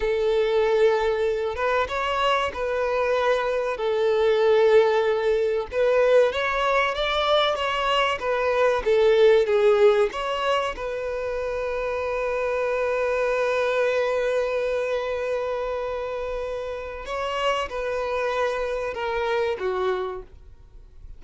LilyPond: \new Staff \with { instrumentName = "violin" } { \time 4/4 \tempo 4 = 95 a'2~ a'8 b'8 cis''4 | b'2 a'2~ | a'4 b'4 cis''4 d''4 | cis''4 b'4 a'4 gis'4 |
cis''4 b'2.~ | b'1~ | b'2. cis''4 | b'2 ais'4 fis'4 | }